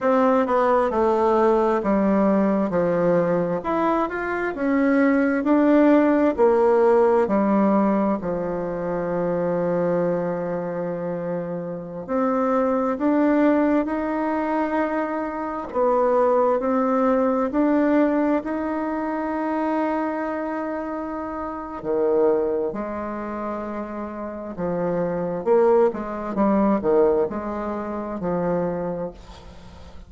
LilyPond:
\new Staff \with { instrumentName = "bassoon" } { \time 4/4 \tempo 4 = 66 c'8 b8 a4 g4 f4 | e'8 f'8 cis'4 d'4 ais4 | g4 f2.~ | f4~ f16 c'4 d'4 dis'8.~ |
dis'4~ dis'16 b4 c'4 d'8.~ | d'16 dis'2.~ dis'8. | dis4 gis2 f4 | ais8 gis8 g8 dis8 gis4 f4 | }